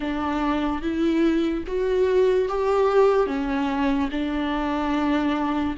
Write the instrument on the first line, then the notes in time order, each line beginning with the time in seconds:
viola
0.00 D4
0.81 E4
1.66 F#4
2.48 G4
3.27 C#4
4.11 D4